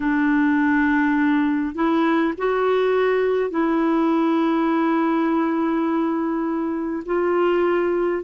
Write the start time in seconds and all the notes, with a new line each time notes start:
0.00 D4
1.74 E4
2.37 F#4
3.50 E4
7.05 F4